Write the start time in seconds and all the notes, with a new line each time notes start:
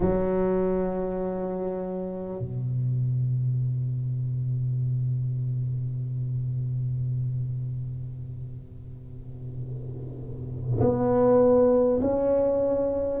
0.00 F#3
2.39 B2
10.80 B3
12.01 C#4